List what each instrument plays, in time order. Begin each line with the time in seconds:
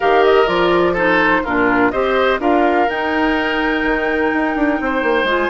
0.00 bassoon D#3, clarinet G4, oboe A#4, flute F5
0.24 flute D#5
0.46 bassoon F3, clarinet F4, flute D5
0.93 clarinet D#4, oboe A4, flute C5
1.43 bassoon A#2, clarinet D4, oboe F4, flute A#4
1.90 bassoon C4, clarinet G4, oboe C5, flute D#5
2.39 bassoon D4, clarinet F4, oboe A#4, flute F5
2.88 bassoon D#4, clarinet D#4, flute G5
3.83 bassoon D#3
4.33 bassoon D#4
4.55 bassoon D4
4.80 bassoon C4, oboe C5
5.02 bassoon A#3
5.23 bassoon G#3, clarinet F4
5.30 flute G#5